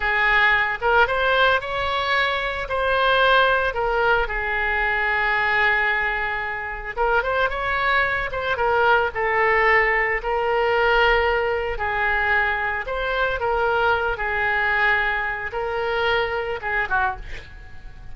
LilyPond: \new Staff \with { instrumentName = "oboe" } { \time 4/4 \tempo 4 = 112 gis'4. ais'8 c''4 cis''4~ | cis''4 c''2 ais'4 | gis'1~ | gis'4 ais'8 c''8 cis''4. c''8 |
ais'4 a'2 ais'4~ | ais'2 gis'2 | c''4 ais'4. gis'4.~ | gis'4 ais'2 gis'8 fis'8 | }